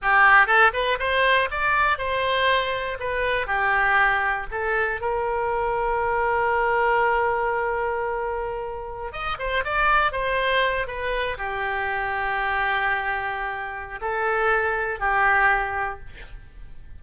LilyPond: \new Staff \with { instrumentName = "oboe" } { \time 4/4 \tempo 4 = 120 g'4 a'8 b'8 c''4 d''4 | c''2 b'4 g'4~ | g'4 a'4 ais'2~ | ais'1~ |
ais'2~ ais'16 dis''8 c''8 d''8.~ | d''16 c''4. b'4 g'4~ g'16~ | g'1 | a'2 g'2 | }